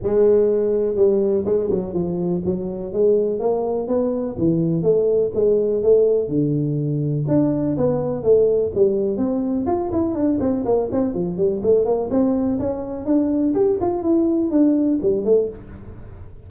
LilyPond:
\new Staff \with { instrumentName = "tuba" } { \time 4/4 \tempo 4 = 124 gis2 g4 gis8 fis8 | f4 fis4 gis4 ais4 | b4 e4 a4 gis4 | a4 d2 d'4 |
b4 a4 g4 c'4 | f'8 e'8 d'8 c'8 ais8 c'8 f8 g8 | a8 ais8 c'4 cis'4 d'4 | g'8 f'8 e'4 d'4 g8 a8 | }